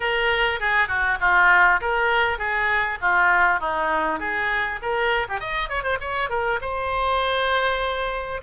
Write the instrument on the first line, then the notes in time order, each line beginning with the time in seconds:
oboe
0.00 A#4
0.59 G#4
0.88 F#4
1.20 F4
1.80 A#4
2.38 G#4
3.01 F4
3.60 D#4
4.19 G#4
4.82 A#4
5.28 G4
5.40 D#5
5.69 C#5
5.83 C5
6.00 C#5
6.29 A#4
6.61 C5